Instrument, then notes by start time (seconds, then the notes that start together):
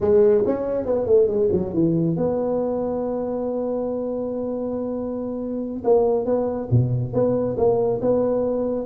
tuba
0.00 G#3
0.46 C#4
0.85 B3
1.06 A3
1.27 G#3
1.52 F#3
1.73 E3
2.16 B3
5.84 A#3
6.25 B3
6.70 B2
7.13 B3
7.57 A#3
8.01 B3